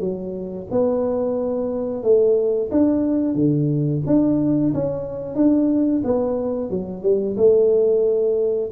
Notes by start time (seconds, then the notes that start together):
0.00 F#3
0.71 B3
2.03 A3
2.71 D4
3.35 D3
4.06 D4
4.74 C#4
5.35 D4
6.04 B3
6.70 F#3
7.02 G3
7.37 A3